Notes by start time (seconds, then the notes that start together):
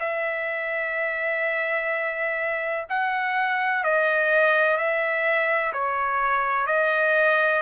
0.00 E5
2.90 F#5
3.84 D#5
4.77 E5
5.73 C#5
6.67 D#5